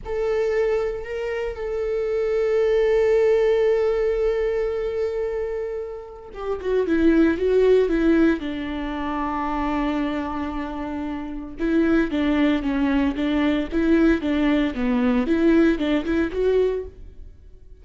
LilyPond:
\new Staff \with { instrumentName = "viola" } { \time 4/4 \tempo 4 = 114 a'2 ais'4 a'4~ | a'1~ | a'1 | g'8 fis'8 e'4 fis'4 e'4 |
d'1~ | d'2 e'4 d'4 | cis'4 d'4 e'4 d'4 | b4 e'4 d'8 e'8 fis'4 | }